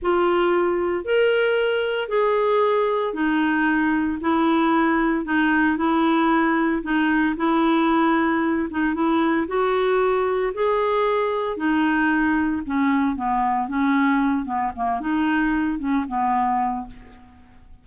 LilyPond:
\new Staff \with { instrumentName = "clarinet" } { \time 4/4 \tempo 4 = 114 f'2 ais'2 | gis'2 dis'2 | e'2 dis'4 e'4~ | e'4 dis'4 e'2~ |
e'8 dis'8 e'4 fis'2 | gis'2 dis'2 | cis'4 b4 cis'4. b8 | ais8 dis'4. cis'8 b4. | }